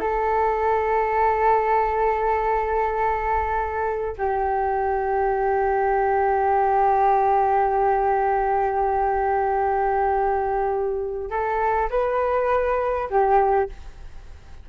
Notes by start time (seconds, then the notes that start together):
0.00 A4
4.18 G4
11.30 A4
11.90 B4
13.10 G4